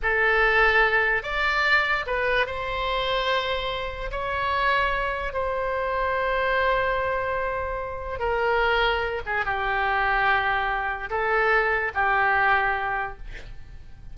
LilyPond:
\new Staff \with { instrumentName = "oboe" } { \time 4/4 \tempo 4 = 146 a'2. d''4~ | d''4 b'4 c''2~ | c''2 cis''2~ | cis''4 c''2.~ |
c''1 | ais'2~ ais'8 gis'8 g'4~ | g'2. a'4~ | a'4 g'2. | }